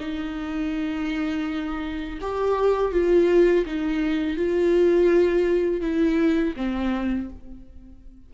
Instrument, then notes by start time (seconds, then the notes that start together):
viola
0.00 D#4
2.22 G4
2.92 F4
3.66 D#4
4.37 F4
5.81 E4
6.57 C4